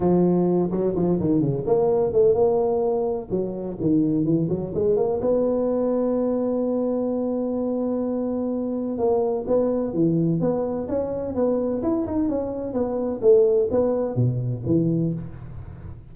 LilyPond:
\new Staff \with { instrumentName = "tuba" } { \time 4/4 \tempo 4 = 127 f4. fis8 f8 dis8 cis8 ais8~ | ais8 a8 ais2 fis4 | dis4 e8 fis8 gis8 ais8 b4~ | b1~ |
b2. ais4 | b4 e4 b4 cis'4 | b4 e'8 dis'8 cis'4 b4 | a4 b4 b,4 e4 | }